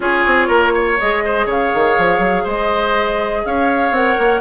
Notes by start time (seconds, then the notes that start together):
0.00 C#4 F4 G#4 C#5
0.25 C4
0.47 A#3 A#4
0.74 C#5
0.98 G#3 G#4 D#5
1.24 C5
1.46 C#3 C#5 F5
1.74 D#3
1.98 F3
2.18 F#3
2.43 G#3 C5 D#5
3.45 C#4 C#5 F5
3.90 C4 A#4 F#5
4.18 A#3